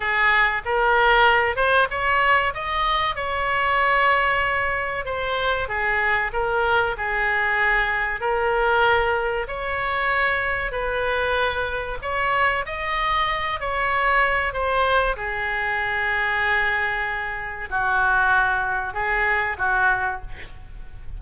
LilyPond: \new Staff \with { instrumentName = "oboe" } { \time 4/4 \tempo 4 = 95 gis'4 ais'4. c''8 cis''4 | dis''4 cis''2. | c''4 gis'4 ais'4 gis'4~ | gis'4 ais'2 cis''4~ |
cis''4 b'2 cis''4 | dis''4. cis''4. c''4 | gis'1 | fis'2 gis'4 fis'4 | }